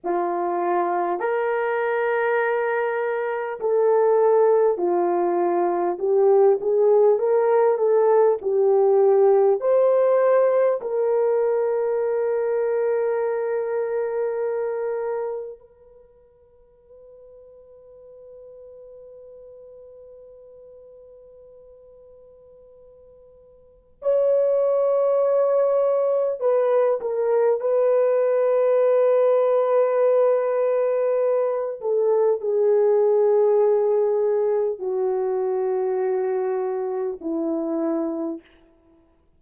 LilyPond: \new Staff \with { instrumentName = "horn" } { \time 4/4 \tempo 4 = 50 f'4 ais'2 a'4 | f'4 g'8 gis'8 ais'8 a'8 g'4 | c''4 ais'2.~ | ais'4 b'2.~ |
b'1 | cis''2 b'8 ais'8 b'4~ | b'2~ b'8 a'8 gis'4~ | gis'4 fis'2 e'4 | }